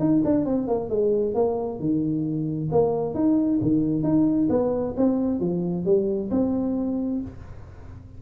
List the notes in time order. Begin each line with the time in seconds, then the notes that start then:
0.00 D#4
0.25 D4
0.46 C4
0.68 A#3
0.90 G#3
1.35 A#3
1.80 D#3
2.72 A#3
3.15 D#4
3.62 D#3
4.03 D#4
4.50 B3
4.97 C4
5.40 F3
5.85 G3
6.31 C4